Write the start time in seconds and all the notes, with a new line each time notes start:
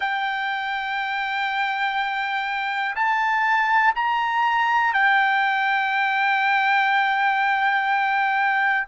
0.00 G5
2.95 A5
3.95 A#5
4.93 G5